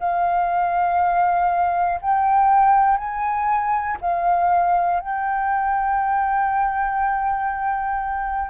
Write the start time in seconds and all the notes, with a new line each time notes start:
0.00 F5
2.01 G5
2.98 G#5
4.01 F5
5.00 G5